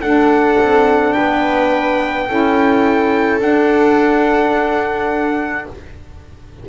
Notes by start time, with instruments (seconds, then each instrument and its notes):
0.00 double bass D4, saxophone D4, viola A4, trumpet F#5
0.59 double bass C4
1.12 double bass B3, viola B4, trumpet G5
2.27 double bass C#4, saxophone E4, viola A4
3.39 saxophone D4, double bass D4, trumpet F#5